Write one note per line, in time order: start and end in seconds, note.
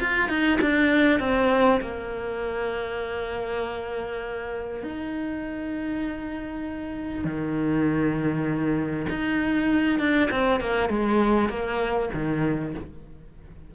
0.00 0.29 F4
0.29 0.59 D#4
0.61 1.20 D4
1.20 1.80 C4
1.82 4.83 A#3
4.83 7.25 D#4
7.25 9.06 D#3
9.09 9.99 D#4
9.99 10.29 D4
10.31 10.61 C4
10.61 10.90 A#3
10.90 11.49 G#3
11.49 12.10 A#3
12.14 12.74 D#3